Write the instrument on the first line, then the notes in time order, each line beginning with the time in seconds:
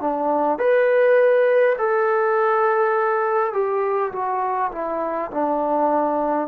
trombone
0.00 D4
0.58 B4
1.78 A4
3.53 G4
4.12 F#4
4.71 E4
5.30 D4